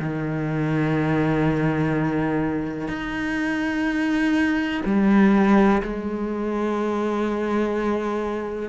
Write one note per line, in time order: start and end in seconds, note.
0.00 2.89 D#3
2.89 4.82 D#4
4.86 5.82 G3
5.83 8.69 G#3